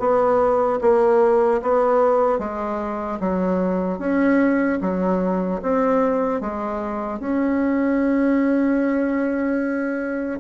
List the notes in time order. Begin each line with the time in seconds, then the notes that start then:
0.00 B3
0.82 A#3
1.62 B3
2.39 G#3
3.20 F#3
3.99 C#4
4.81 F#3
5.62 C4
6.41 G#3
7.20 C#4